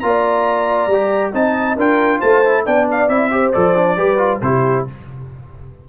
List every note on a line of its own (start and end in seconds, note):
0.00 0.87 A#3
0.00 0.90 F4
0.00 1.34 D5
0.00 1.31 A#5
0.87 1.31 G3
0.87 1.34 G4
1.34 1.77 C4
1.34 1.78 D#4
1.34 1.77 D#5
1.34 1.78 A5
1.77 2.21 D4
1.77 2.45 F4
1.77 2.20 A#4
1.77 2.21 G5
2.20 2.67 A3
2.20 2.63 C5
2.20 2.65 A5
2.45 2.66 E4
2.66 3.08 B3
2.66 3.09 D4
2.66 3.31 D5
2.66 2.88 G5
2.91 3.09 F5
3.08 3.52 C4
3.08 3.31 E4
3.08 3.53 E5
3.31 3.53 G4
3.31 3.97 C5
3.53 3.97 F3
3.53 3.76 A4
3.53 4.40 D5
3.76 3.97 D4
3.97 4.41 G3
3.97 4.18 G4
3.97 4.41 B4
4.18 4.40 F4
4.42 4.86 C3
4.42 4.87 E4
4.42 4.89 G4
4.42 4.86 C5